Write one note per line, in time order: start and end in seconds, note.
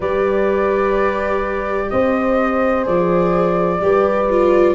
0.00 1.89 G3
0.00 2.83 G4
0.00 1.88 B4
0.00 1.89 D5
1.89 2.87 C4
1.89 3.82 C5
1.89 2.84 D#5
2.83 3.80 F3
2.83 3.78 G#4
2.83 4.74 D5
3.80 4.74 G3
3.80 4.29 G4
3.80 4.74 B4
4.30 4.74 F4